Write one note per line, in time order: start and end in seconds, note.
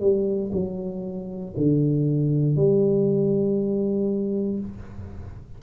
0.00 0.51 G3
0.52 1.54 F#3
1.57 2.56 D3
2.56 4.59 G3